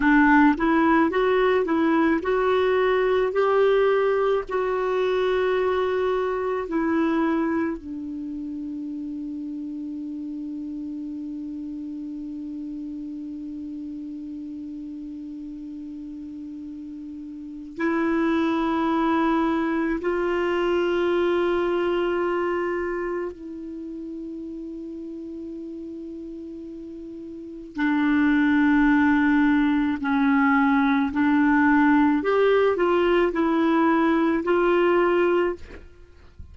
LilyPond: \new Staff \with { instrumentName = "clarinet" } { \time 4/4 \tempo 4 = 54 d'8 e'8 fis'8 e'8 fis'4 g'4 | fis'2 e'4 d'4~ | d'1~ | d'1 |
e'2 f'2~ | f'4 e'2.~ | e'4 d'2 cis'4 | d'4 g'8 f'8 e'4 f'4 | }